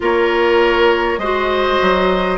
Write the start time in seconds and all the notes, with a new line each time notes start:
0.00 A#3 F4 A#4 C#5
1.18 G#3 F#4 C5 D#5
1.81 F#3